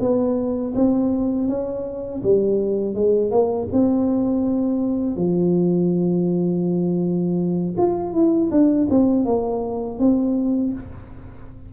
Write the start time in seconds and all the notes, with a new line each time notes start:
0.00 B3
0.75 C4
1.48 C#4
2.23 G3
2.95 G#3
3.31 A#3
3.72 C4
5.16 F3
7.78 F4
8.13 E4
8.51 D4
8.91 C4
9.26 A#3
9.99 C4